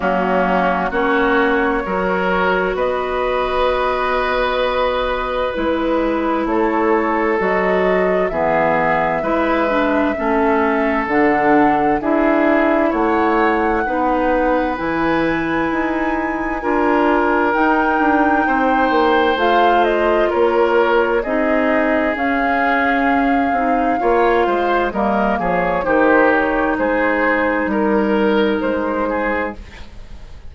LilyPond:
<<
  \new Staff \with { instrumentName = "flute" } { \time 4/4 \tempo 4 = 65 fis'4 cis''2 dis''4~ | dis''2 b'4 cis''4 | dis''4 e''2. | fis''4 e''4 fis''2 |
gis''2. g''4~ | g''4 f''8 dis''8 cis''4 dis''4 | f''2. dis''8 cis''8 | c''8 cis''8 c''4 ais'4 c''4 | }
  \new Staff \with { instrumentName = "oboe" } { \time 4/4 cis'4 fis'4 ais'4 b'4~ | b'2. a'4~ | a'4 gis'4 b'4 a'4~ | a'4 gis'4 cis''4 b'4~ |
b'2 ais'2 | c''2 ais'4 gis'4~ | gis'2 cis''8 c''8 ais'8 gis'8 | g'4 gis'4 ais'4. gis'8 | }
  \new Staff \with { instrumentName = "clarinet" } { \time 4/4 ais4 cis'4 fis'2~ | fis'2 e'2 | fis'4 b4 e'8 d'8 cis'4 | d'4 e'2 dis'4 |
e'2 f'4 dis'4~ | dis'4 f'2 dis'4 | cis'4. dis'8 f'4 ais4 | dis'1 | }
  \new Staff \with { instrumentName = "bassoon" } { \time 4/4 fis4 ais4 fis4 b4~ | b2 gis4 a4 | fis4 e4 gis4 a4 | d4 d'4 a4 b4 |
e4 dis'4 d'4 dis'8 d'8 | c'8 ais8 a4 ais4 c'4 | cis'4. c'8 ais8 gis8 g8 f8 | dis4 gis4 g4 gis4 | }
>>